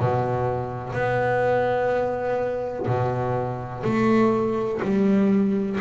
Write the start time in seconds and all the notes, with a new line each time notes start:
0.00 B2
0.93 B3
2.87 B2
3.84 A3
4.82 G3